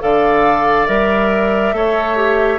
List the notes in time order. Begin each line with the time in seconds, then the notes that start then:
0.00 D3 A4 D5 F5
0.87 G3 A#4 E5
1.73 A3 A4 C#5
2.16 G4